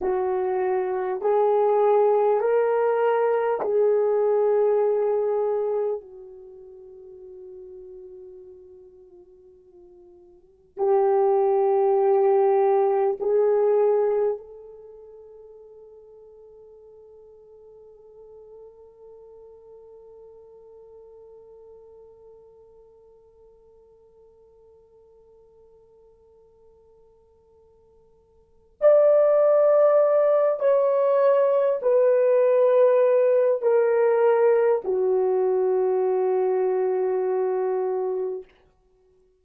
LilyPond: \new Staff \with { instrumentName = "horn" } { \time 4/4 \tempo 4 = 50 fis'4 gis'4 ais'4 gis'4~ | gis'4 fis'2.~ | fis'4 g'2 gis'4 | a'1~ |
a'1~ | a'1 | d''4. cis''4 b'4. | ais'4 fis'2. | }